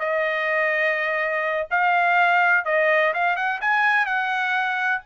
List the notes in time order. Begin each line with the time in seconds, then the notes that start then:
0.00 D#5
1.71 F5
2.66 D#5
3.14 F5
3.36 F#5
3.62 G#5
4.06 F#5